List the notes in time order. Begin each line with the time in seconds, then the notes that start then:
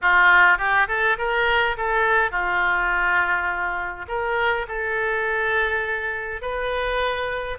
0.01 F4
0.58 G4
0.88 A4
1.18 A#4
1.77 A4
2.31 F4
4.08 A#4
4.68 A4
6.41 B4